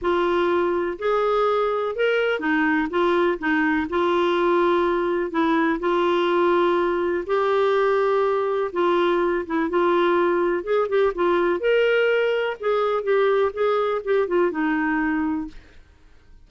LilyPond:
\new Staff \with { instrumentName = "clarinet" } { \time 4/4 \tempo 4 = 124 f'2 gis'2 | ais'4 dis'4 f'4 dis'4 | f'2. e'4 | f'2. g'4~ |
g'2 f'4. e'8 | f'2 gis'8 g'8 f'4 | ais'2 gis'4 g'4 | gis'4 g'8 f'8 dis'2 | }